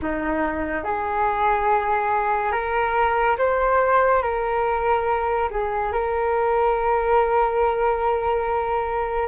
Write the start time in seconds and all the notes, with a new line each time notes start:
0.02 D#4
0.83 G#4
2.52 A#4
3.38 C5
4.22 A#4
5.50 G#4
5.92 A#4